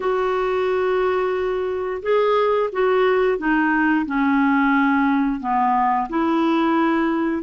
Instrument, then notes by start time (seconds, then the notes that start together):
clarinet
0.00 F#4
2.02 G#4
2.72 F#4
3.38 D#4
4.05 C#4
5.40 B3
6.09 E4